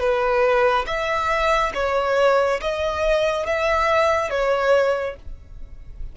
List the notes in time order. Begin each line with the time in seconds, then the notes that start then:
0.00 B4
0.87 E5
1.75 C#5
2.61 D#5
3.46 E5
4.31 C#5